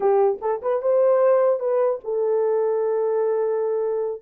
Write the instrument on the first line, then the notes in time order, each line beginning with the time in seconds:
horn
0.00 G4
0.41 A4
0.62 B4
0.81 C5
1.59 B4
2.04 A4